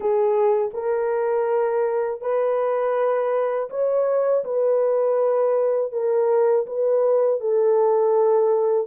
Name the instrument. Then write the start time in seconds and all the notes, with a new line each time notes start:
horn
0.00 G#4
0.73 A#4
2.21 B4
3.70 C#5
4.44 B4
5.92 A#4
6.66 B4
7.40 A4